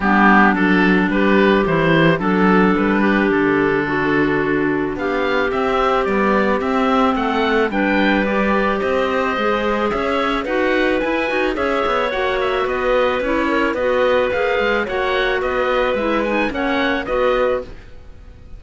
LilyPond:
<<
  \new Staff \with { instrumentName = "oboe" } { \time 4/4 \tempo 4 = 109 g'4 a'4 b'4 c''4 | a'4 b'4 a'2~ | a'4 f''4 e''4 d''4 | e''4 fis''4 g''4 d''4 |
dis''2 e''4 fis''4 | gis''4 e''4 fis''8 e''8 dis''4 | cis''4 dis''4 f''4 fis''4 | dis''4 e''8 gis''8 fis''4 dis''4 | }
  \new Staff \with { instrumentName = "clarinet" } { \time 4/4 d'2 g'2 | a'4. g'4. fis'4~ | fis'4 g'2.~ | g'4 a'4 b'2 |
c''2 cis''4 b'4~ | b'4 cis''2 b'4~ | b'8 ais'8 b'2 cis''4 | b'2 cis''4 b'4 | }
  \new Staff \with { instrumentName = "clarinet" } { \time 4/4 b4 d'2 e'4 | d'1~ | d'2 c'4 g4 | c'2 d'4 g'4~ |
g'4 gis'2 fis'4 | e'8 fis'8 gis'4 fis'2 | e'4 fis'4 gis'4 fis'4~ | fis'4 e'8 dis'8 cis'4 fis'4 | }
  \new Staff \with { instrumentName = "cello" } { \time 4/4 g4 fis4 g4 e4 | fis4 g4 d2~ | d4 b4 c'4 b4 | c'4 a4 g2 |
c'4 gis4 cis'4 dis'4 | e'8 dis'8 cis'8 b8 ais4 b4 | cis'4 b4 ais8 gis8 ais4 | b4 gis4 ais4 b4 | }
>>